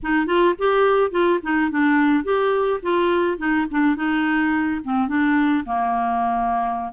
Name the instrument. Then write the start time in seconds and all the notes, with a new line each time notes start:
clarinet
0.03 D#4
0.26 F4
0.58 G4
1.11 F4
1.42 D#4
1.71 D4
2.24 G4
2.82 F4
3.38 D#4
3.70 D4
3.96 D#4
4.83 C4
5.07 D4
5.65 A#3